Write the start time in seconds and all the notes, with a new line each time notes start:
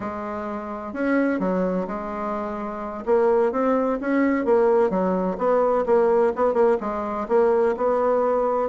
0.00 G#3
0.93 C#4
1.39 F#3
1.87 G#3
3.05 A#3
3.52 C4
4.01 C#4
4.45 A#3
4.90 F#3
5.38 B3
5.86 A#3
6.35 B3
6.53 A#3
6.80 G#3
7.28 A#3
7.77 B3